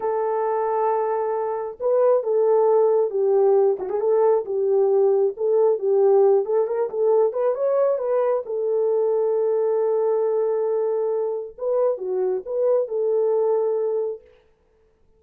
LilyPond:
\new Staff \with { instrumentName = "horn" } { \time 4/4 \tempo 4 = 135 a'1 | b'4 a'2 g'4~ | g'8 fis'16 gis'16 a'4 g'2 | a'4 g'4. a'8 ais'8 a'8~ |
a'8 b'8 cis''4 b'4 a'4~ | a'1~ | a'2 b'4 fis'4 | b'4 a'2. | }